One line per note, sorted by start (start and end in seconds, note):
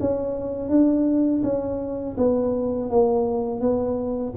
0.00 0.69 C#4
0.69 1.42 D4
1.43 2.17 C#4
2.17 2.90 B3
2.90 3.60 A#3
3.60 4.33 B3